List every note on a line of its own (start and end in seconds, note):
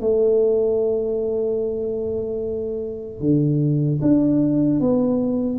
0.00 3.20 A3
3.20 4.00 D3
4.01 4.80 D4
4.80 5.59 B3